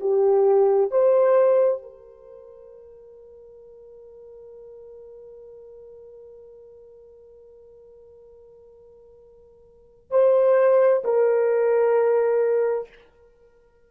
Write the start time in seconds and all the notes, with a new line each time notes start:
0.00 G4
0.91 C5
1.82 A#4
10.10 C5
11.04 A#4